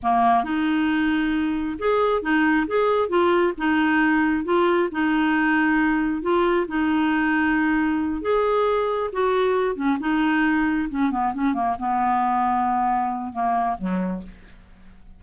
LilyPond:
\new Staff \with { instrumentName = "clarinet" } { \time 4/4 \tempo 4 = 135 ais4 dis'2. | gis'4 dis'4 gis'4 f'4 | dis'2 f'4 dis'4~ | dis'2 f'4 dis'4~ |
dis'2~ dis'8 gis'4.~ | gis'8 fis'4. cis'8 dis'4.~ | dis'8 cis'8 b8 cis'8 ais8 b4.~ | b2 ais4 fis4 | }